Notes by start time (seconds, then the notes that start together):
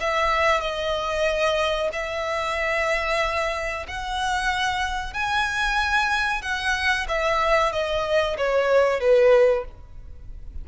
0.00 E5
0.60 D#5
1.92 E5
3.88 F#5
5.13 G#5
6.42 F#5
7.08 E5
7.72 D#5
8.37 C#5
9.00 B4